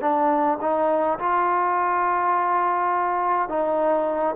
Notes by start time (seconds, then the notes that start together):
0.00 D4
0.61 D#4
1.19 F4
3.49 D#4